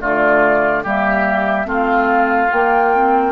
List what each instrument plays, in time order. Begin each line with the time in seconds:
0.00 bassoon D3, clarinet A3, oboe F4, flute D5
0.83 bassoon G3, clarinet A#3, oboe G4, flute E5
1.65 bassoon A3, clarinet C4, oboe F4, flute F5
2.51 bassoon A#3, clarinet A#3, flute G5
2.95 clarinet C4